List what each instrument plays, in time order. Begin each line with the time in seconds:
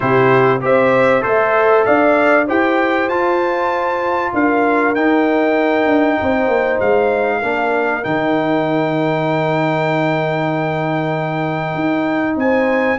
0.00 tuba C3, trombone E4, horn G4, trumpet C5
0.61 tuba C4, trombone G4, horn C5, trumpet E5
1.21 tuba A3, trombone A4, trumpet C5, horn E5
1.85 tuba D4, horn D5, trumpet F5
2.46 tuba E4, trombone G4, horn C5, trumpet G5
3.08 tuba F4, trombone F4, trumpet A5
4.33 tuba D4, horn A#4, trumpet F5
4.94 tuba D#4, trombone D#4, trumpet G5
5.86 tuba D4
6.20 tuba C4, horn C5
6.47 tuba A#3
6.80 tuba G#3, trumpet F5
7.38 tuba A#3, trombone D4, horn A#4
8.03 tuba D#3, trombone D#4, trumpet G5
11.74 tuba D#4
12.35 tuba C4, horn C5, trumpet G#5